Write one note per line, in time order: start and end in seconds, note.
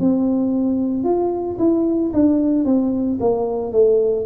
0.00 1.04 C4
1.04 1.57 F4
1.59 2.12 E4
2.14 2.65 D4
2.65 3.19 C4
3.20 3.72 A#3
3.72 4.26 A3